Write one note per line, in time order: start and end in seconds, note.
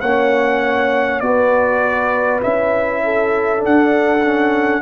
0.00 1.21 A#3
0.00 1.21 C#4
0.00 1.22 C#5
0.00 1.20 F#5
1.20 2.41 B3
1.20 2.41 F#4
1.20 2.40 D5
1.26 3.04 B4
2.41 3.63 C#4
2.41 3.57 E4
2.41 3.63 E5
3.04 4.81 A4
3.57 4.17 D4
3.64 4.81 D4
3.64 4.81 F#5
4.24 4.81 C#4